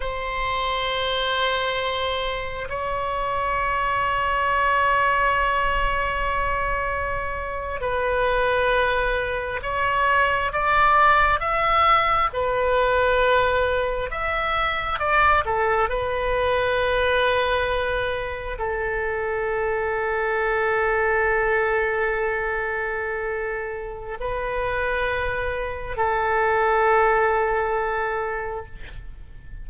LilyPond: \new Staff \with { instrumentName = "oboe" } { \time 4/4 \tempo 4 = 67 c''2. cis''4~ | cis''1~ | cis''8. b'2 cis''4 d''16~ | d''8. e''4 b'2 e''16~ |
e''8. d''8 a'8 b'2~ b'16~ | b'8. a'2.~ a'16~ | a'2. b'4~ | b'4 a'2. | }